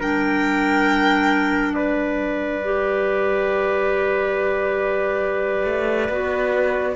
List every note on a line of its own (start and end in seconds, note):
0.00 5.66 G3
0.00 2.61 D4
0.00 1.74 A#4
0.00 1.74 G5
1.74 6.96 B4
1.74 6.96 D5
2.64 6.12 G4
5.66 6.09 A3
6.09 6.96 B3
6.09 6.96 F#4